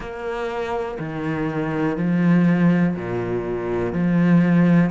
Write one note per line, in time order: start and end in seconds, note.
0.00 0.97 A#3
0.99 1.97 D#3
1.97 2.95 F3
2.96 3.92 A#2
3.92 4.90 F3